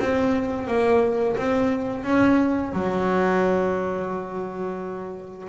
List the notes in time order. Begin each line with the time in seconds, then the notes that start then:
0.00 C4
0.68 A#3
1.37 C4
2.04 C#4
2.73 F#3